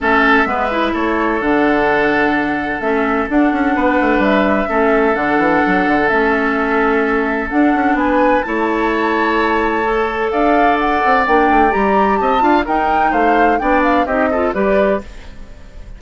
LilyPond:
<<
  \new Staff \with { instrumentName = "flute" } { \time 4/4 \tempo 4 = 128 e''2 cis''4 fis''4~ | fis''2 e''4 fis''4~ | fis''4 e''2 fis''4~ | fis''4 e''2. |
fis''4 gis''4 a''2~ | a''2 f''4 fis''4 | g''4 ais''4 a''4 g''4 | f''4 g''8 f''8 dis''4 d''4 | }
  \new Staff \with { instrumentName = "oboe" } { \time 4/4 a'4 b'4 a'2~ | a'1 | b'2 a'2~ | a'1~ |
a'4 b'4 cis''2~ | cis''2 d''2~ | d''2 dis''8 f''8 ais'4 | c''4 d''4 g'8 a'8 b'4 | }
  \new Staff \with { instrumentName = "clarinet" } { \time 4/4 cis'4 b8 e'4. d'4~ | d'2 cis'4 d'4~ | d'2 cis'4 d'4~ | d'4 cis'2. |
d'2 e'2~ | e'4 a'2. | d'4 g'4. f'8 dis'4~ | dis'4 d'4 dis'8 f'8 g'4 | }
  \new Staff \with { instrumentName = "bassoon" } { \time 4/4 a4 gis4 a4 d4~ | d2 a4 d'8 cis'8 | b8 a8 g4 a4 d8 e8 | fis8 d8 a2. |
d'8 cis'8 b4 a2~ | a2 d'4. c'8 | ais8 a8 g4 c'8 d'8 dis'4 | a4 b4 c'4 g4 | }
>>